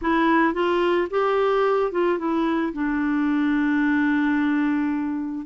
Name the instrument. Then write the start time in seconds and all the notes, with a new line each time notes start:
clarinet
0.01 E4
0.53 F4
1.10 G4
1.91 F4
2.18 E4
2.73 D4